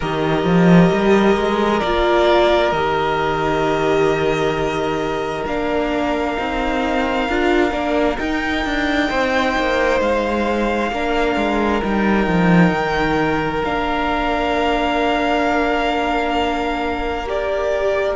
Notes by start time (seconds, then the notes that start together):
0.00 D#3 G4 A#4 D#5
0.44 F3
0.92 G3
1.36 G#3
1.80 A#3 F4 D5
2.71 D#3 G4 D#5
5.46 A#3 D4 F5
6.37 C4 D#4
7.28 D4 F4
7.70 A#3 D4
8.18 D#4 G5
8.64 D4
9.09 C4 C5
9.57 A#3
10.00 G#3 F5
10.91 A#3 D4 A#4
11.36 G#3
11.82 G3 D#4 G5
12.27 F3
12.71 D#3
13.63 A#3 D4 F5
17.26 G4 D5